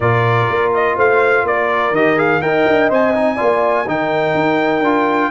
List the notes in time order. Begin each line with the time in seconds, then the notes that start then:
0.00 A#2 F4 A#4 D5
0.49 A#3
0.74 D#5
0.95 A3 C5 F5
1.43 A#3 A#4 D5
1.91 D#3 G4 D#5
2.16 G#4 F5
2.41 D#4 A#4 D#5 G5
2.67 D4
2.89 C4 C5 G#5
3.14 D#4
3.35 A#3 F4 D5
3.87 D#3 D#4 A#4 G5
4.34 D#4
4.80 D4 F4